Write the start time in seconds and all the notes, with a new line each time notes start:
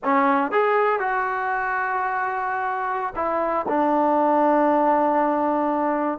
0.04 C#4
0.51 G#4
0.99 F#4
3.15 E4
3.68 D4